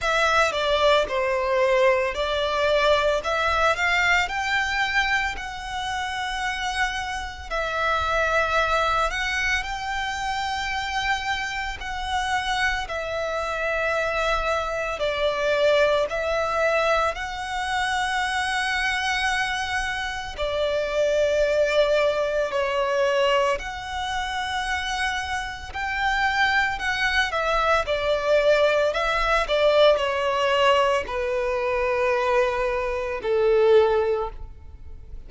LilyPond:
\new Staff \with { instrumentName = "violin" } { \time 4/4 \tempo 4 = 56 e''8 d''8 c''4 d''4 e''8 f''8 | g''4 fis''2 e''4~ | e''8 fis''8 g''2 fis''4 | e''2 d''4 e''4 |
fis''2. d''4~ | d''4 cis''4 fis''2 | g''4 fis''8 e''8 d''4 e''8 d''8 | cis''4 b'2 a'4 | }